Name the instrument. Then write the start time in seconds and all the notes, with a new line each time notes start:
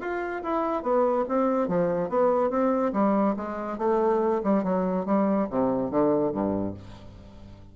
bassoon
0.00 F4
0.42 E4
0.82 B3
1.28 C4
1.67 F3
2.09 B3
2.49 C4
2.93 G3
3.36 G#3
3.78 A3
4.43 G3
4.63 F#3
5.05 G3
5.50 C3
5.90 D3
6.31 G2